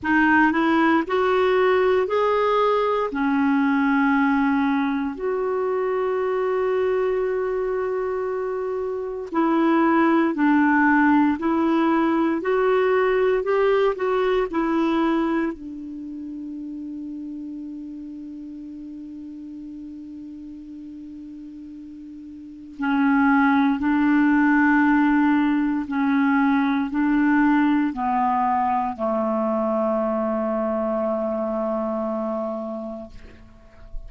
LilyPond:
\new Staff \with { instrumentName = "clarinet" } { \time 4/4 \tempo 4 = 58 dis'8 e'8 fis'4 gis'4 cis'4~ | cis'4 fis'2.~ | fis'4 e'4 d'4 e'4 | fis'4 g'8 fis'8 e'4 d'4~ |
d'1~ | d'2 cis'4 d'4~ | d'4 cis'4 d'4 b4 | a1 | }